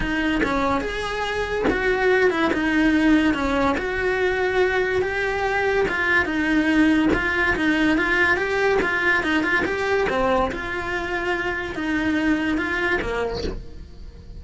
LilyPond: \new Staff \with { instrumentName = "cello" } { \time 4/4 \tempo 4 = 143 dis'4 cis'4 gis'2 | fis'4. e'8 dis'2 | cis'4 fis'2. | g'2 f'4 dis'4~ |
dis'4 f'4 dis'4 f'4 | g'4 f'4 dis'8 f'8 g'4 | c'4 f'2. | dis'2 f'4 ais4 | }